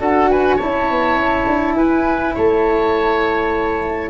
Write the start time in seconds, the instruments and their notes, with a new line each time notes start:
0.00 tuba D4, cello F#4, oboe A4, flute F#5
0.31 oboe B4, flute G#5
0.57 cello E4, oboe C#5, flute A5
0.63 tuba C#4
0.91 tuba B3
1.16 tuba C#4
1.47 tuba D4
1.75 tuba E4, oboe B4, flute G#5
2.35 tuba A3, oboe C#5, flute A5